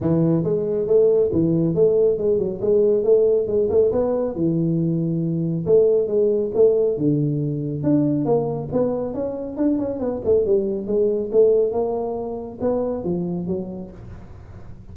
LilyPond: \new Staff \with { instrumentName = "tuba" } { \time 4/4 \tempo 4 = 138 e4 gis4 a4 e4 | a4 gis8 fis8 gis4 a4 | gis8 a8 b4 e2~ | e4 a4 gis4 a4 |
d2 d'4 ais4 | b4 cis'4 d'8 cis'8 b8 a8 | g4 gis4 a4 ais4~ | ais4 b4 f4 fis4 | }